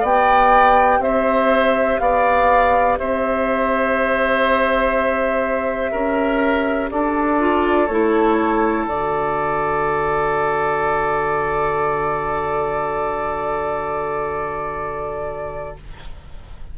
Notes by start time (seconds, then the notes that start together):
0.00 B3 G4 D5 G5
0.99 C4 C5 E5
1.99 B3 D5 F5
2.99 C4 C5 E5
5.92 C#4 A#4
6.91 D4 A4 D5
7.39 F4
7.87 A3 E4 C#5
8.88 D3 F#4 D5